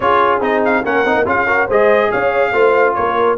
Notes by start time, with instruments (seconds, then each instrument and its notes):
0.00 tuba C#4, trombone F4, horn G#4, trumpet C#5
0.40 tuba C4, trombone D#4, trumpet D#5
0.64 trumpet F5
0.84 tuba A#3, trombone C#4, horn A#4, trumpet F#5
1.04 tuba C4, trombone D#4
1.14 tuba A#3
1.26 tuba C#4, trombone F4, horn G#4, trumpet F5
1.46 trombone F#4, horn A#4
1.67 tuba G#3, trombone G#4, horn C5, trumpet D#5
2.10 tuba C#4, horn C#5, trumpet F5
2.52 tuba A3, trombone F4, horn C5
2.94 tuba A#3, horn A#4, trumpet C#5